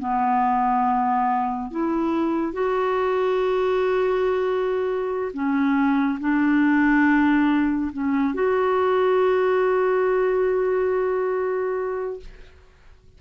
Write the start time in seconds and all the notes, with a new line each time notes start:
0.00 B3
1.71 E4
2.54 F#4
5.34 C#4
6.21 D4
7.93 C#4
8.35 F#4